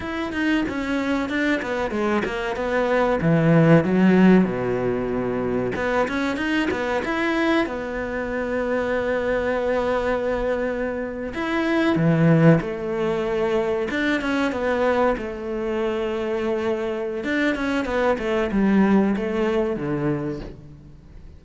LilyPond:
\new Staff \with { instrumentName = "cello" } { \time 4/4 \tempo 4 = 94 e'8 dis'8 cis'4 d'8 b8 gis8 ais8 | b4 e4 fis4 b,4~ | b,4 b8 cis'8 dis'8 b8 e'4 | b1~ |
b4.~ b16 e'4 e4 a16~ | a4.~ a16 d'8 cis'8 b4 a16~ | a2. d'8 cis'8 | b8 a8 g4 a4 d4 | }